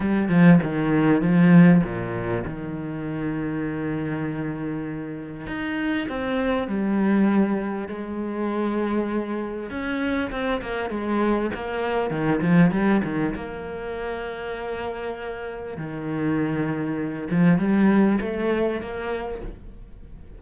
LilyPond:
\new Staff \with { instrumentName = "cello" } { \time 4/4 \tempo 4 = 99 g8 f8 dis4 f4 ais,4 | dis1~ | dis4 dis'4 c'4 g4~ | g4 gis2. |
cis'4 c'8 ais8 gis4 ais4 | dis8 f8 g8 dis8 ais2~ | ais2 dis2~ | dis8 f8 g4 a4 ais4 | }